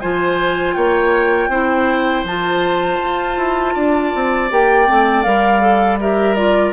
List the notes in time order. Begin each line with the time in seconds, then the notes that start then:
0.00 F3 F4 C5 G#5
0.74 A#3 C#5 G5
1.48 C4 E4 C5
2.23 F3 F4 A5
3.00 F4
3.37 E4
3.74 D4 D5
4.14 C4
4.50 A#3 G4 G5
4.87 A3 C4
5.22 G3 A#4 F5
5.61 A4
5.99 G4 A#4 E5
6.34 F4 D5